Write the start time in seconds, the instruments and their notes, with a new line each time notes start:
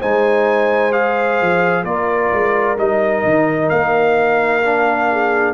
0.00 tuba G#3, trombone D#4, horn C5, trumpet G#5
0.92 trombone G#4, trumpet F5
1.42 tuba F3
1.84 tuba A#3, trombone F4, horn A#4, trumpet D5
2.33 tuba G#3
2.77 tuba G3, trombone D#4, trumpet D#5
3.25 tuba D#3
3.70 tuba A#3, trumpet F5
4.63 trombone D4
5.11 horn G#4